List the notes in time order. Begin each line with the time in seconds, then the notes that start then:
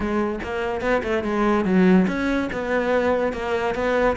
0.00 G#3
0.43 A#3
0.81 B3
1.03 A3
1.23 G#3
1.64 F#3
2.07 C#4
2.52 B3
3.33 A#3
3.74 B3